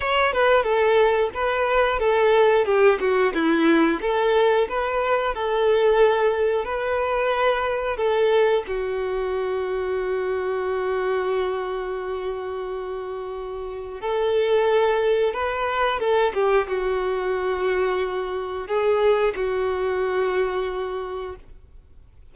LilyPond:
\new Staff \with { instrumentName = "violin" } { \time 4/4 \tempo 4 = 90 cis''8 b'8 a'4 b'4 a'4 | g'8 fis'8 e'4 a'4 b'4 | a'2 b'2 | a'4 fis'2.~ |
fis'1~ | fis'4 a'2 b'4 | a'8 g'8 fis'2. | gis'4 fis'2. | }